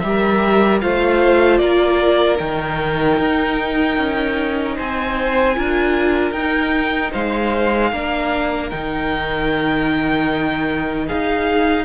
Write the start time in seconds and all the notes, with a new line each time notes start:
0.00 G3 G4 E5
0.08 A#4
0.81 A3 F4 C5 F5
1.58 A#3 A#4 D5
2.38 D#3 D#4 G5
3.19 D#4
3.98 C#4
4.76 C4 C5 G#5
5.54 D4 F4 A#4
6.32 D#4 G5
7.12 G#3 C5 F5
7.91 A#3 D4 A#4
8.70 D#3 D#4 G5
11.06 G#4 F5
11.12 D#4